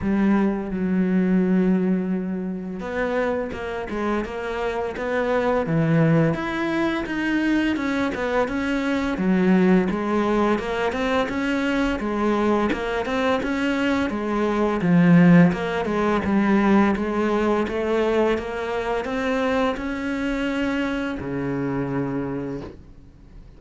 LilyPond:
\new Staff \with { instrumentName = "cello" } { \time 4/4 \tempo 4 = 85 g4 fis2. | b4 ais8 gis8 ais4 b4 | e4 e'4 dis'4 cis'8 b8 | cis'4 fis4 gis4 ais8 c'8 |
cis'4 gis4 ais8 c'8 cis'4 | gis4 f4 ais8 gis8 g4 | gis4 a4 ais4 c'4 | cis'2 cis2 | }